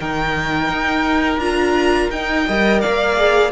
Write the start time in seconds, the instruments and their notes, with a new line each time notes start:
0.00 cello D#3, viola D#4, violin A#4 G5
0.70 cello D#4
1.38 cello D4, viola F4, violin A#5
2.10 cello D#4, viola D#4, violin G5
2.47 cello G3, viola A#4, violin D#5
2.81 cello A#3, violin D5 F5
3.17 viola G#4